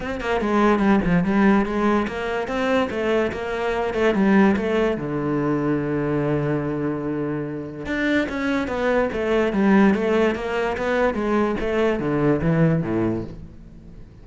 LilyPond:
\new Staff \with { instrumentName = "cello" } { \time 4/4 \tempo 4 = 145 c'8 ais8 gis4 g8 f8 g4 | gis4 ais4 c'4 a4 | ais4. a8 g4 a4 | d1~ |
d2. d'4 | cis'4 b4 a4 g4 | a4 ais4 b4 gis4 | a4 d4 e4 a,4 | }